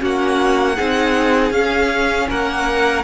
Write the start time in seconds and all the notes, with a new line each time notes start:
0.00 A#3 C#4 F#4 F#5
0.76 C4 D#4 G#4
1.51 C#4 F5
2.29 A#3 A#4 F#5